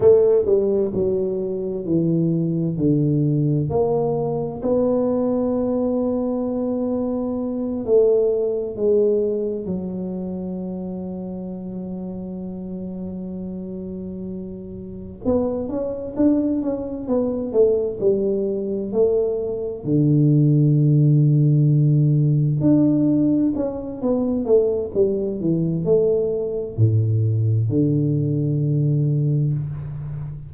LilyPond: \new Staff \with { instrumentName = "tuba" } { \time 4/4 \tempo 4 = 65 a8 g8 fis4 e4 d4 | ais4 b2.~ | b8 a4 gis4 fis4.~ | fis1~ |
fis8 b8 cis'8 d'8 cis'8 b8 a8 g8~ | g8 a4 d2~ d8~ | d8 d'4 cis'8 b8 a8 g8 e8 | a4 a,4 d2 | }